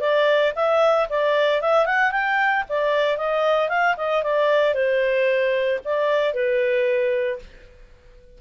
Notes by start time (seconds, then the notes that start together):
0.00 D5
0.55 E5
1.09 D5
1.61 E5
1.86 F#5
2.11 G5
2.69 D5
3.17 D#5
3.69 F5
3.97 D#5
4.23 D5
4.74 C5
5.84 D5
6.33 B4